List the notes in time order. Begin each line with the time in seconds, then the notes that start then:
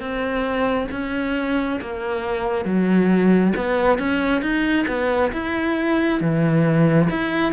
0.00 C4
0.92 C#4
1.81 A#3
2.66 F#3
3.56 B3
3.99 C#4
4.42 D#4
4.88 B3
5.33 E4
6.21 E3
7.10 E4